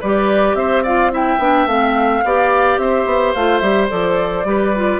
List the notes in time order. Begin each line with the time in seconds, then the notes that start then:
0.00 G3 G4 B4 D5
0.54 C4 C5 E5
0.83 F4 D5 F5
1.11 E4 E5 G5
1.39 B3 D4
1.66 A3 C4 F5
2.24 B3 G4 D5
2.78 C4 C5 E5
3.05 B3
3.34 A3 F4 F5
3.59 G3 G4 E5
3.89 F3 A4 D5
4.44 G3 G4 B4
4.76 F4